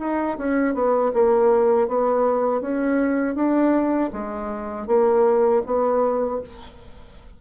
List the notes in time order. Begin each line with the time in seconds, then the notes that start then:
0.00 D#4
0.38 C#4
0.75 B3
1.14 A#3
1.88 B3
2.61 C#4
3.35 D4
4.13 G#3
4.88 A#3
5.66 B3